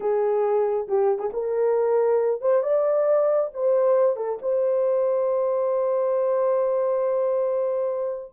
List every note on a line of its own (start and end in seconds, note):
0.00 0.87 G#4
0.88 1.18 G4
1.18 1.29 G#4
1.33 2.41 A#4
2.41 2.63 C5
2.63 3.50 D5
3.53 4.16 C5
4.16 4.38 A4
4.41 8.33 C5